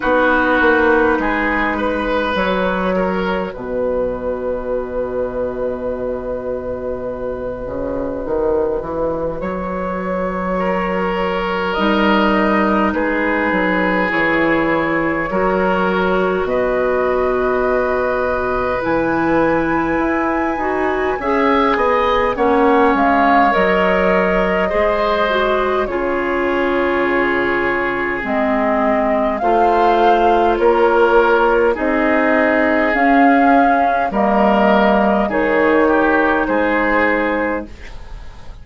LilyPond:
<<
  \new Staff \with { instrumentName = "flute" } { \time 4/4 \tempo 4 = 51 b'2 cis''4 dis''4~ | dis''1 | cis''2 dis''4 b'4 | cis''2 dis''2 |
gis''2. fis''8 f''8 | dis''2 cis''2 | dis''4 f''4 cis''4 dis''4 | f''4 dis''4 cis''4 c''4 | }
  \new Staff \with { instrumentName = "oboe" } { \time 4/4 fis'4 gis'8 b'4 ais'8 b'4~ | b'1~ | b'4 ais'2 gis'4~ | gis'4 ais'4 b'2~ |
b'2 e''8 dis''8 cis''4~ | cis''4 c''4 gis'2~ | gis'4 c''4 ais'4 gis'4~ | gis'4 ais'4 gis'8 g'8 gis'4 | }
  \new Staff \with { instrumentName = "clarinet" } { \time 4/4 dis'2 fis'2~ | fis'1~ | fis'2 dis'2 | e'4 fis'2. |
e'4. fis'8 gis'4 cis'4 | ais'4 gis'8 fis'8 f'2 | c'4 f'2 dis'4 | cis'4 ais4 dis'2 | }
  \new Staff \with { instrumentName = "bassoon" } { \time 4/4 b8 ais8 gis4 fis4 b,4~ | b,2~ b,8 cis8 dis8 e8 | fis2 g4 gis8 fis8 | e4 fis4 b,2 |
e4 e'8 dis'8 cis'8 b8 ais8 gis8 | fis4 gis4 cis2 | gis4 a4 ais4 c'4 | cis'4 g4 dis4 gis4 | }
>>